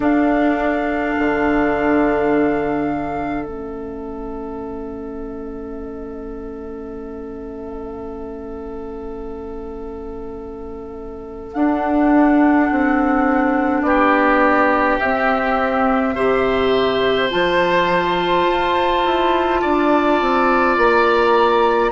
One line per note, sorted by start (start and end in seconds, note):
0.00 1.14 D4
0.00 3.44 D4
0.00 13.85 A4
0.00 3.44 F5
1.19 3.46 D3
3.44 11.53 A3
3.44 11.52 C#4
3.44 11.51 E5
11.53 12.69 D4
11.53 15.00 D4
11.53 13.82 F#5
12.70 13.82 C4
13.82 14.98 B3
13.82 16.14 G4
13.82 14.97 D5
14.98 16.15 C4
14.98 17.29 E5
16.14 17.31 C3
16.14 17.29 G4
16.14 19.61 C5
17.29 18.46 F3
17.29 21.91 F4
17.29 20.76 A5
18.46 19.04 F4
19.05 19.62 E4
19.61 20.21 D4
19.61 21.91 D5
20.21 20.77 C4
20.77 21.91 A#3
20.77 21.91 A#5